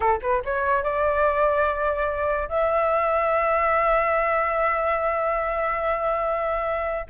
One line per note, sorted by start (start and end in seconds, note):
0.00 0.19 A4
0.21 0.42 B4
0.45 0.83 C#5
0.83 2.48 D5
2.48 7.06 E5